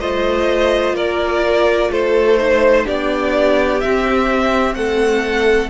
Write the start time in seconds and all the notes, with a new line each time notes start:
0.00 A3 F4 C5 D#5
0.94 A#3 A#4 D5
1.90 A3 A4 C5
2.38 D#4 C5
2.86 B3 D4 G4 D5
3.81 C4 E5
4.75 A3 A4 F#5